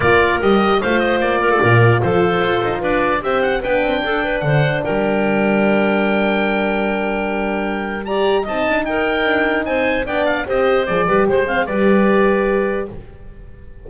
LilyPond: <<
  \new Staff \with { instrumentName = "oboe" } { \time 4/4 \tempo 4 = 149 d''4 dis''4 f''8 dis''8 d''4~ | d''4 c''2 d''4 | e''8 fis''8 g''2 fis''4 | g''1~ |
g''1 | ais''4 a''4 g''2 | gis''4 g''8 f''8 dis''4 d''4 | c''4 d''2. | }
  \new Staff \with { instrumentName = "clarinet" } { \time 4/4 ais'2 c''4. ais'16 a'16 | ais'4 a'2 b'4 | c''4 b'4 a'8 b'8 c''4 | ais'1~ |
ais'1 | d''4 dis''4 ais'2 | c''4 d''4 c''4. b'8 | c''8 f''8 b'2. | }
  \new Staff \with { instrumentName = "horn" } { \time 4/4 f'4 g'4 f'2~ | f'1 | g'4 d'2.~ | d'1~ |
d'1 | g'4 dis'2.~ | dis'4 d'4 g'4 gis'8 g'8~ | g'8 c'8 g'2. | }
  \new Staff \with { instrumentName = "double bass" } { \time 4/4 ais4 g4 a4 ais4 | ais,4 f4 f'8 dis'8 d'4 | c'4 b8 c'8 d'4 d4 | g1~ |
g1~ | g4 c'8 d'8 dis'4 d'4 | c'4 b4 c'4 f8 g8 | gis4 g2. | }
>>